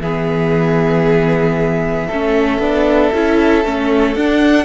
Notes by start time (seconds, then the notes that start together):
0.00 E3 B3 G#4 E5
2.08 A3 C#4 A4
2.59 B3 D4
3.13 C#4 E4
3.64 A3 C#4
4.15 D4 F#5